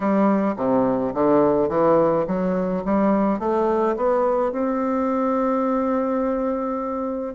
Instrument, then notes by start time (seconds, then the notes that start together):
bassoon
0.00 G3
0.56 C3
1.13 D3
1.69 E3
2.27 F#3
2.84 G3
3.39 A3
3.96 B3
4.52 C4